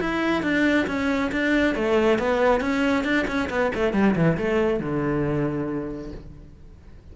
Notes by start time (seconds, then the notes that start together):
0.00 E4
0.42 D4
0.87 C#4
1.32 D4
1.75 A3
2.18 B3
2.60 C#4
3.04 D4
3.27 C#4
3.50 B3
3.74 A3
3.93 G3
4.15 E3
4.37 A3
4.80 D3